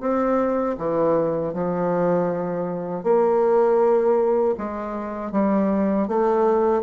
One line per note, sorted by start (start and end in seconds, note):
0.00 0.76 C4
0.78 1.53 E3
1.53 3.03 F3
3.03 4.55 A#3
4.57 5.32 G#3
5.32 6.07 G3
6.07 6.82 A3